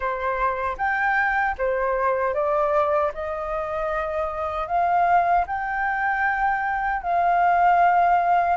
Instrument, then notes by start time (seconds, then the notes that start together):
flute
0.00 C5
0.77 G5
1.58 C5
2.33 D5
3.13 D#5
4.67 F5
5.47 G5
7.02 F5